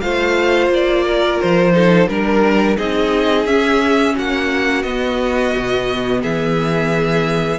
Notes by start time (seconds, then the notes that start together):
0.00 A3 F4 C5 F5
0.68 A#3
0.74 D5
1.04 A#4
1.40 F3 C5
1.72 D#4 A4
2.08 G3 D4 A#4
2.77 C4 D#4 G#4 D#5
3.45 C#4 E5
4.14 A#3 F#4 F#5
4.82 B3 D#5
5.56 B2
6.22 E3 G#4 E5